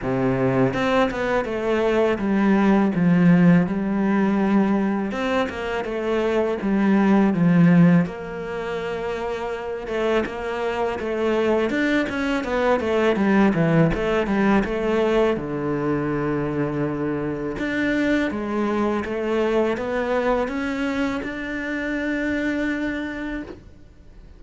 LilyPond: \new Staff \with { instrumentName = "cello" } { \time 4/4 \tempo 4 = 82 c4 c'8 b8 a4 g4 | f4 g2 c'8 ais8 | a4 g4 f4 ais4~ | ais4. a8 ais4 a4 |
d'8 cis'8 b8 a8 g8 e8 a8 g8 | a4 d2. | d'4 gis4 a4 b4 | cis'4 d'2. | }